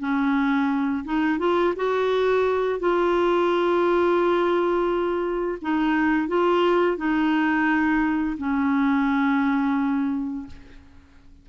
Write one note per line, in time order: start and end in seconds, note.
0.00 1.05 C#4
1.06 1.40 D#4
1.40 1.74 F4
1.77 2.80 F#4
2.80 5.59 F4
5.62 6.29 D#4
6.29 6.98 F4
6.98 8.37 D#4
8.38 10.47 C#4